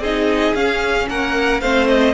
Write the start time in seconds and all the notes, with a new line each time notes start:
0.00 C4 D#4 G#4 D#5
0.55 C#4 F5
1.10 A#3 A#4 F#5
1.61 A3 C4 C5 F5
1.89 D#5